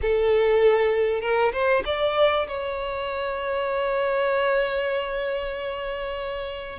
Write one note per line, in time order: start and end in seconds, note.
0.01 1.21 A4
1.21 1.52 A#4
1.52 1.83 C5
1.85 2.47 D5
2.47 6.79 C#5